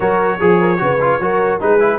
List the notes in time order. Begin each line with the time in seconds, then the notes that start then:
0.00 F#3 F#4 A#4 C#5
0.38 F3 G#4
0.60 A#4
0.77 C#3 F#4 B4
1.00 F4
1.19 F#3 F#4 A#4
1.60 G#3 D#4 G#4 B4
1.80 E4